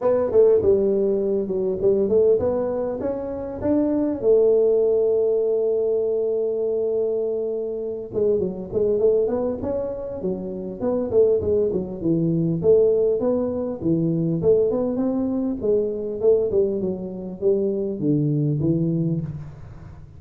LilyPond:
\new Staff \with { instrumentName = "tuba" } { \time 4/4 \tempo 4 = 100 b8 a8 g4. fis8 g8 a8 | b4 cis'4 d'4 a4~ | a1~ | a4. gis8 fis8 gis8 a8 b8 |
cis'4 fis4 b8 a8 gis8 fis8 | e4 a4 b4 e4 | a8 b8 c'4 gis4 a8 g8 | fis4 g4 d4 e4 | }